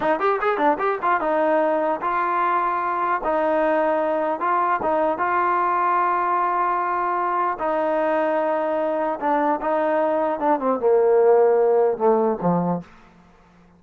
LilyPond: \new Staff \with { instrumentName = "trombone" } { \time 4/4 \tempo 4 = 150 dis'8 g'8 gis'8 d'8 g'8 f'8 dis'4~ | dis'4 f'2. | dis'2. f'4 | dis'4 f'2.~ |
f'2. dis'4~ | dis'2. d'4 | dis'2 d'8 c'8 ais4~ | ais2 a4 f4 | }